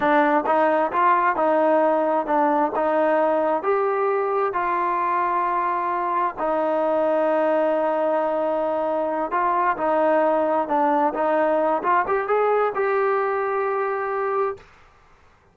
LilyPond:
\new Staff \with { instrumentName = "trombone" } { \time 4/4 \tempo 4 = 132 d'4 dis'4 f'4 dis'4~ | dis'4 d'4 dis'2 | g'2 f'2~ | f'2 dis'2~ |
dis'1~ | dis'8 f'4 dis'2 d'8~ | d'8 dis'4. f'8 g'8 gis'4 | g'1 | }